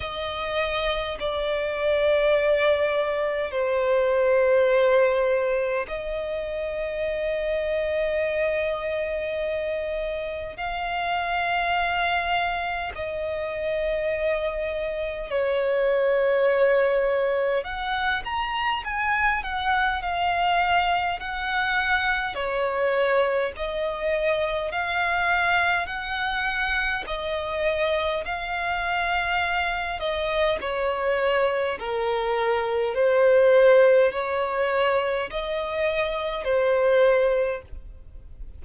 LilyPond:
\new Staff \with { instrumentName = "violin" } { \time 4/4 \tempo 4 = 51 dis''4 d''2 c''4~ | c''4 dis''2.~ | dis''4 f''2 dis''4~ | dis''4 cis''2 fis''8 ais''8 |
gis''8 fis''8 f''4 fis''4 cis''4 | dis''4 f''4 fis''4 dis''4 | f''4. dis''8 cis''4 ais'4 | c''4 cis''4 dis''4 c''4 | }